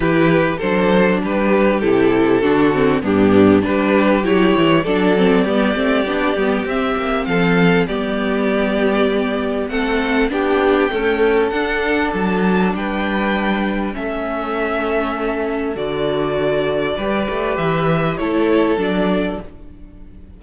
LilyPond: <<
  \new Staff \with { instrumentName = "violin" } { \time 4/4 \tempo 4 = 99 b'4 c''4 b'4 a'4~ | a'4 g'4 b'4 cis''4 | d''2. e''4 | f''4 d''2. |
fis''4 g''2 fis''4 | a''4 g''2 e''4~ | e''2 d''2~ | d''4 e''4 cis''4 d''4 | }
  \new Staff \with { instrumentName = "violin" } { \time 4/4 g'4 a'4 g'2 | fis'4 d'4 g'2 | a'4 g'2. | a'4 g'2. |
a'4 g'4 a'2~ | a'4 b'2 a'4~ | a'1 | b'2 a'2 | }
  \new Staff \with { instrumentName = "viola" } { \time 4/4 e'4 d'2 e'4 | d'8 c'8 b4 d'4 e'4 | d'8 c'8 b8 c'8 d'8 b8 c'4~ | c'4 b2. |
c'4 d'4 a4 d'4~ | d'2. cis'4~ | cis'2 fis'2 | g'2 e'4 d'4 | }
  \new Staff \with { instrumentName = "cello" } { \time 4/4 e4 fis4 g4 c4 | d4 g,4 g4 fis8 e8 | fis4 g8 a8 b8 g8 c'8 ais8 | f4 g2. |
a4 b4 cis'4 d'4 | fis4 g2 a4~ | a2 d2 | g8 a8 e4 a4 fis4 | }
>>